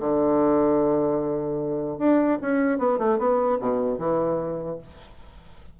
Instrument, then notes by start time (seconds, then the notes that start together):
bassoon
0.00 D3
1.98 D4
2.41 C#4
2.78 B3
2.99 A3
3.18 B3
3.60 B2
3.98 E3